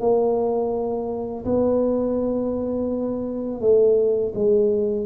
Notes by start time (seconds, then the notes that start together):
0.00 A#3
1.45 B3
3.60 A3
4.34 G#3